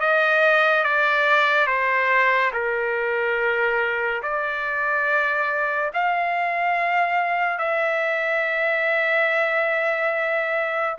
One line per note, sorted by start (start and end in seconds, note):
0.00 0.83 D#5
0.83 1.66 D5
1.66 2.51 C5
2.53 4.22 A#4
4.22 5.91 D5
5.93 7.58 F5
7.58 10.96 E5